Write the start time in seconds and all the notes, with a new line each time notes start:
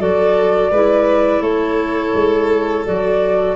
0.00 F#3 F#4 A4 D5
0.72 G#3 E4 B4
1.41 A3 A4 C#5
2.15 G#3
2.86 F#3 F#4 D5